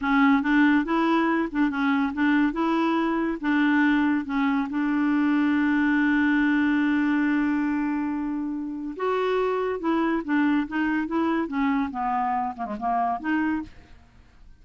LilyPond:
\new Staff \with { instrumentName = "clarinet" } { \time 4/4 \tempo 4 = 141 cis'4 d'4 e'4. d'8 | cis'4 d'4 e'2 | d'2 cis'4 d'4~ | d'1~ |
d'1~ | d'4 fis'2 e'4 | d'4 dis'4 e'4 cis'4 | b4. ais16 gis16 ais4 dis'4 | }